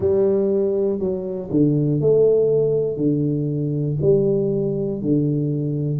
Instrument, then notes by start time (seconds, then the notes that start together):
tuba
0.00 G3
0.99 F#3
1.50 D3
2.00 A3
2.96 D3
4.01 G3
5.01 D3